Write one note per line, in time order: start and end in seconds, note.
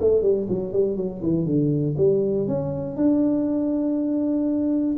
0.00 0.22 A3
0.22 0.47 G3
0.49 0.72 F#3
0.72 0.96 G3
0.96 1.21 F#3
1.22 1.45 E3
1.45 1.95 D3
1.97 2.47 G3
2.47 2.96 C#4
2.96 4.96 D4